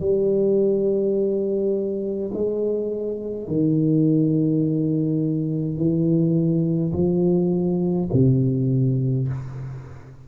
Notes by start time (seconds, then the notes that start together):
0.00 G3
2.33 G#3
3.48 D#3
5.77 E3
6.93 F3
8.12 C3